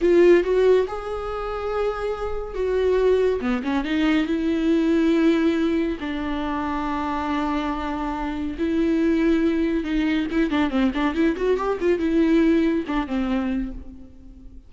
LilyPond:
\new Staff \with { instrumentName = "viola" } { \time 4/4 \tempo 4 = 140 f'4 fis'4 gis'2~ | gis'2 fis'2 | b8 cis'8 dis'4 e'2~ | e'2 d'2~ |
d'1 | e'2. dis'4 | e'8 d'8 c'8 d'8 e'8 fis'8 g'8 f'8 | e'2 d'8 c'4. | }